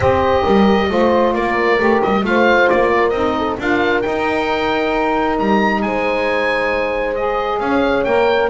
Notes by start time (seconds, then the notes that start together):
0.00 C4 G4 C5 D#5
0.42 G3 A#4
0.88 A3 F4 C5
1.33 A#3 A#4 D5
1.78 A3 G4
2.02 G3 D#5
2.21 A3 F4 F5
2.28 C5
2.69 A#3 D5
2.90 A#4
3.09 C4 D#4 D#5
3.38 A4
3.58 D4 F4 A#4 F5
4.01 D#4 G5
5.39 G3 A#5
5.82 G#3 C5 G#5
7.15 G#4 D#5
7.59 C#4 C#5 F5
8.04 A#3 A#4 G5